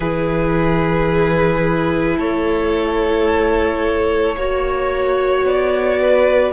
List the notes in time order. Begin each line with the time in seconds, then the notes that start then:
0.00 E3 E4 G#4 B4
2.17 A3 A4 C#5
4.35 A#3 F#4 C#5
5.44 B3 D5
6.02 B4